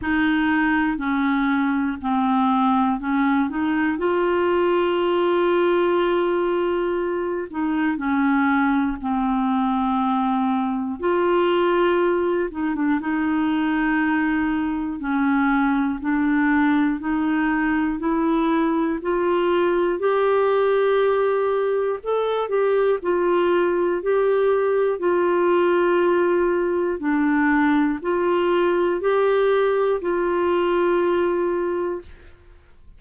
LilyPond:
\new Staff \with { instrumentName = "clarinet" } { \time 4/4 \tempo 4 = 60 dis'4 cis'4 c'4 cis'8 dis'8 | f'2.~ f'8 dis'8 | cis'4 c'2 f'4~ | f'8 dis'16 d'16 dis'2 cis'4 |
d'4 dis'4 e'4 f'4 | g'2 a'8 g'8 f'4 | g'4 f'2 d'4 | f'4 g'4 f'2 | }